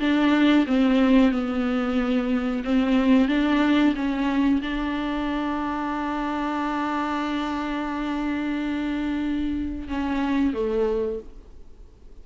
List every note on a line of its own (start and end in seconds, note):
0.00 0.66 D4
0.67 1.32 C4
1.32 2.63 B3
2.64 3.28 C4
3.28 3.94 D4
3.96 4.62 C#4
4.62 9.88 D4
9.88 10.54 C#4
10.54 11.20 A3